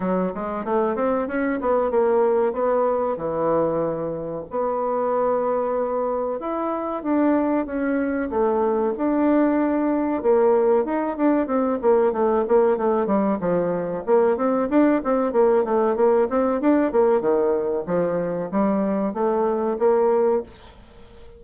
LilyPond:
\new Staff \with { instrumentName = "bassoon" } { \time 4/4 \tempo 4 = 94 fis8 gis8 a8 c'8 cis'8 b8 ais4 | b4 e2 b4~ | b2 e'4 d'4 | cis'4 a4 d'2 |
ais4 dis'8 d'8 c'8 ais8 a8 ais8 | a8 g8 f4 ais8 c'8 d'8 c'8 | ais8 a8 ais8 c'8 d'8 ais8 dis4 | f4 g4 a4 ais4 | }